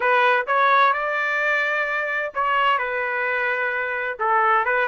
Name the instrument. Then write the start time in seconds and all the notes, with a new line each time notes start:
trumpet
0.00 B4
0.47 C#5
0.93 D5
2.34 C#5
2.78 B4
4.19 A4
4.65 B4